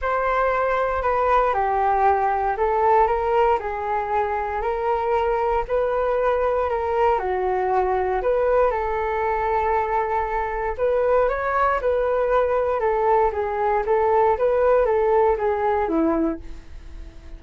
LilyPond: \new Staff \with { instrumentName = "flute" } { \time 4/4 \tempo 4 = 117 c''2 b'4 g'4~ | g'4 a'4 ais'4 gis'4~ | gis'4 ais'2 b'4~ | b'4 ais'4 fis'2 |
b'4 a'2.~ | a'4 b'4 cis''4 b'4~ | b'4 a'4 gis'4 a'4 | b'4 a'4 gis'4 e'4 | }